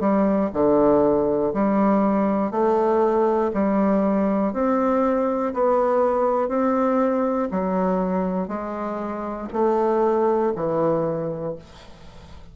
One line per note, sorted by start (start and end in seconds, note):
0.00 0.50 G3
0.53 1.53 D3
1.54 2.51 G3
2.51 3.51 A3
3.53 4.53 G3
4.53 5.53 C4
5.54 6.48 B3
6.48 7.48 C4
7.51 8.48 F#3
8.48 9.48 G#3
9.52 10.52 A3
10.55 11.55 E3